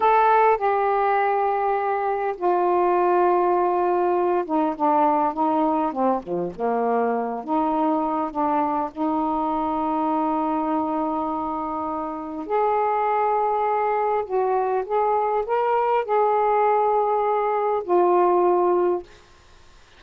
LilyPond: \new Staff \with { instrumentName = "saxophone" } { \time 4/4 \tempo 4 = 101 a'4 g'2. | f'2.~ f'8 dis'8 | d'4 dis'4 c'8 f8 ais4~ | ais8 dis'4. d'4 dis'4~ |
dis'1~ | dis'4 gis'2. | fis'4 gis'4 ais'4 gis'4~ | gis'2 f'2 | }